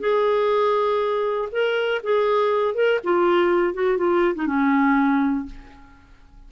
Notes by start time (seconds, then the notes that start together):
0.00 G#4
1.52 A#4
2.04 G#4
2.75 A#4
3.04 F4
3.74 F#4
3.97 F4
4.35 D#4
4.47 C#4